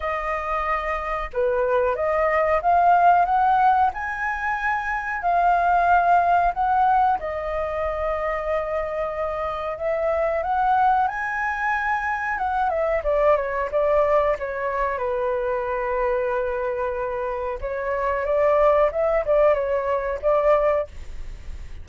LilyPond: \new Staff \with { instrumentName = "flute" } { \time 4/4 \tempo 4 = 92 dis''2 b'4 dis''4 | f''4 fis''4 gis''2 | f''2 fis''4 dis''4~ | dis''2. e''4 |
fis''4 gis''2 fis''8 e''8 | d''8 cis''8 d''4 cis''4 b'4~ | b'2. cis''4 | d''4 e''8 d''8 cis''4 d''4 | }